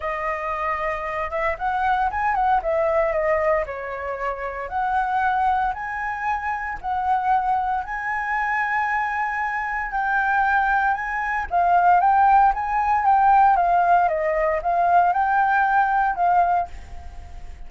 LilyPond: \new Staff \with { instrumentName = "flute" } { \time 4/4 \tempo 4 = 115 dis''2~ dis''8 e''8 fis''4 | gis''8 fis''8 e''4 dis''4 cis''4~ | cis''4 fis''2 gis''4~ | gis''4 fis''2 gis''4~ |
gis''2. g''4~ | g''4 gis''4 f''4 g''4 | gis''4 g''4 f''4 dis''4 | f''4 g''2 f''4 | }